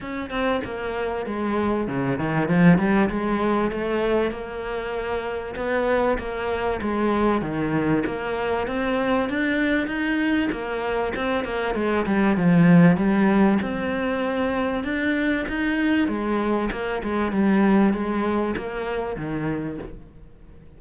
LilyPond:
\new Staff \with { instrumentName = "cello" } { \time 4/4 \tempo 4 = 97 cis'8 c'8 ais4 gis4 cis8 dis8 | f8 g8 gis4 a4 ais4~ | ais4 b4 ais4 gis4 | dis4 ais4 c'4 d'4 |
dis'4 ais4 c'8 ais8 gis8 g8 | f4 g4 c'2 | d'4 dis'4 gis4 ais8 gis8 | g4 gis4 ais4 dis4 | }